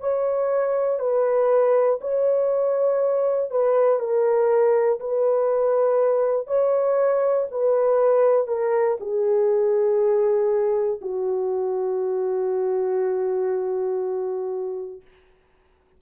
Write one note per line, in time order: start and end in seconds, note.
0.00 0.99 C#5
0.99 1.99 B4
2.00 3.50 C#5
3.50 3.99 B4
3.99 4.99 A#4
5.00 6.47 B4
6.47 7.47 C#5
7.51 8.47 B4
8.47 8.97 A#4
9.00 11.00 G#4
11.01 15.01 F#4